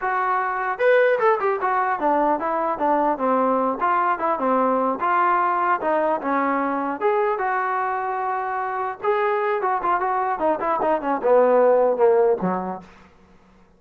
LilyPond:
\new Staff \with { instrumentName = "trombone" } { \time 4/4 \tempo 4 = 150 fis'2 b'4 a'8 g'8 | fis'4 d'4 e'4 d'4 | c'4. f'4 e'8 c'4~ | c'8 f'2 dis'4 cis'8~ |
cis'4. gis'4 fis'4.~ | fis'2~ fis'8 gis'4. | fis'8 f'8 fis'4 dis'8 e'8 dis'8 cis'8 | b2 ais4 fis4 | }